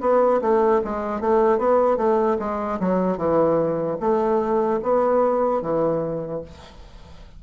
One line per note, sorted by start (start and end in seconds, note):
0.00 0.40 B3
0.41 0.81 A3
0.84 1.20 G#3
1.20 1.58 A3
1.58 1.97 B3
1.97 2.37 A3
2.39 2.79 G#3
2.80 3.17 F#3
3.17 3.97 E3
4.00 4.80 A3
4.83 5.61 B3
5.61 6.41 E3